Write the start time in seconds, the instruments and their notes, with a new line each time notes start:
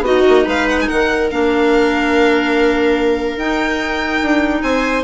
0.00 bassoon B3, clarinet D#4, viola F#4, violin D#5
0.28 bassoon A#3
0.44 bassoon G#3, viola B4, violin F5
0.68 violin F#5
0.81 violin G#5
0.87 bassoon D#3, viola A#4, violin F#5
1.30 bassoon A#3, clarinet D4, violin F5
3.36 bassoon D#4, clarinet D#4, violin G5
4.22 bassoon D4
4.62 bassoon C4, viola C5, violin G#5